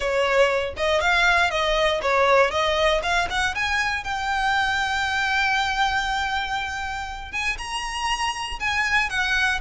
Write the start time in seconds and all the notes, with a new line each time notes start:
0.00 C#5
0.77 D#5
1.00 F5
1.50 D#5
2.02 C#5
2.50 D#5
3.02 F5
3.30 F#5
3.54 G#5
4.04 G5
7.32 G#5
7.58 A#5
8.59 G#5
9.09 F#5